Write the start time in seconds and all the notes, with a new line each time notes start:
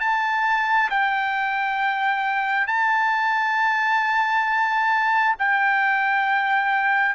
0.00 A5
0.90 G5
2.67 A5
5.39 G5